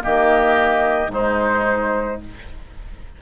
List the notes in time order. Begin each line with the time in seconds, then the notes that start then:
0.00 D#3 A#3 G4 D#5
1.07 G#2 G#3 D#4 C5